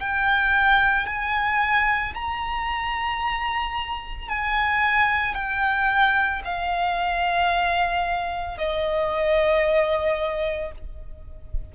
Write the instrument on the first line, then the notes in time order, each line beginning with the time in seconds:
violin
0.00 G5
1.06 G#5
2.14 A#5
4.29 G#5
5.35 G5
6.44 F5
8.58 D#5